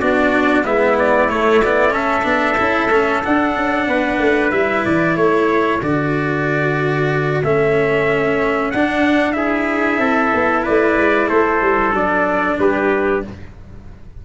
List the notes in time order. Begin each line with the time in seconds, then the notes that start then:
0.00 B3 D4 F#4 D5
0.64 G#3 B3 E4 E5
0.99 D5
1.28 A3 C#5
1.62 B3 D5
1.90 C#4 A4 E5
2.23 B3 D4
2.57 C#4 E4
2.88 A3 C#4
3.24 D4 F#5
3.56 C#4
3.87 B3 B4
4.19 A3
4.51 G3 E4 E5
4.84 E3 D5
5.16 A3 A4 C#5
5.81 D3 F#4 D5
7.43 A3 C#4 E5
8.71 D4 F#5
9.33 E4 G#4 E5
9.98 C4 A4
10.34 B3
10.63 A3 B4 D5
10.96 G#3
11.28 A3 A4 C5
11.61 G3
11.93 F#3 D4 D5
12.58 G3 G4 B4